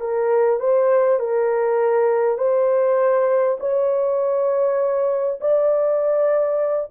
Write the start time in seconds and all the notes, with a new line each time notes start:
0.00 A#4
0.59 C5
1.19 A#4
2.38 C5
3.60 C#5
5.40 D5